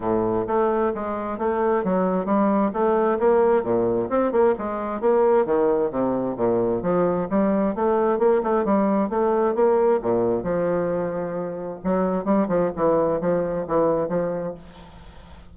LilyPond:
\new Staff \with { instrumentName = "bassoon" } { \time 4/4 \tempo 4 = 132 a,4 a4 gis4 a4 | fis4 g4 a4 ais4 | ais,4 c'8 ais8 gis4 ais4 | dis4 c4 ais,4 f4 |
g4 a4 ais8 a8 g4 | a4 ais4 ais,4 f4~ | f2 fis4 g8 f8 | e4 f4 e4 f4 | }